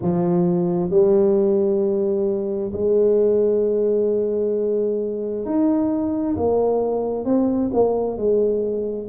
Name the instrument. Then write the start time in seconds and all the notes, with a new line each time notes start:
tuba
0.02 F3
0.90 G3
2.73 G#3
5.45 D#4
6.36 A#3
7.24 C4
7.73 A#3
8.17 G#3